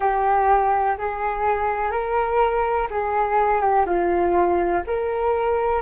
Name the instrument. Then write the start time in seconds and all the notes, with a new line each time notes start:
flute
0.00 G4
0.98 G#4
1.91 A#4
2.90 G#4
3.61 G4
3.86 F4
4.86 A#4